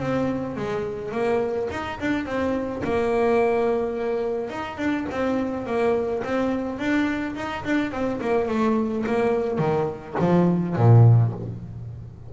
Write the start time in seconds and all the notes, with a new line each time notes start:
0.00 C4
0.57 G#3
1.12 A#3
1.71 D#4
2.00 D4
2.26 C4
2.85 A#3
4.51 D#4
4.78 D4
5.11 C4
5.67 A#3
6.24 C4
6.79 D4
7.36 D#4
7.65 D4
7.92 C4
8.21 A#3
8.49 A3
9.07 A#3
9.59 D#3
10.20 F3
10.76 A#2